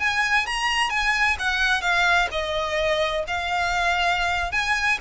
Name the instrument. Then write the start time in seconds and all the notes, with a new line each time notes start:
violin
0.00 G#5
0.46 A#5
0.90 G#5
1.39 F#5
1.82 F5
2.32 D#5
3.28 F5
4.52 G#5